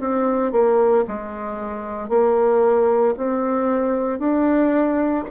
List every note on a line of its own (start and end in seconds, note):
0.00 0.52 C4
0.52 1.04 A#3
1.07 2.09 G#3
2.09 3.14 A#3
3.17 4.19 C4
4.19 5.24 D4